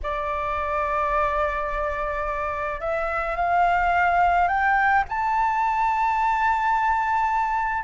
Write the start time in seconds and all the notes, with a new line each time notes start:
0.02 D5
2.80 E5
3.36 F5
4.48 G5
5.08 A5